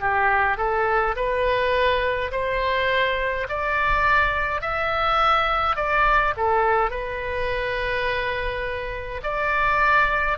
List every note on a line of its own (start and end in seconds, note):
0.00 0.58 G4
0.58 1.15 A4
1.16 2.31 B4
2.32 3.47 C5
3.49 4.62 D5
4.62 5.76 E5
5.76 6.34 D5
6.37 6.90 A4
6.90 9.21 B4
9.23 10.38 D5